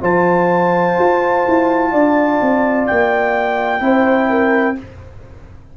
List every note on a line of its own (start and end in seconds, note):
0.00 0.97 F3
0.00 3.79 F4
0.00 1.92 C5
0.00 2.87 A5
0.98 1.45 F4
1.48 1.93 E4
1.92 2.40 D4
1.92 3.82 D5
2.41 2.89 C4
2.87 3.81 A#3
2.87 4.77 G5
3.79 4.76 C4
3.79 4.75 E4
3.79 4.30 C5
4.30 4.77 A#4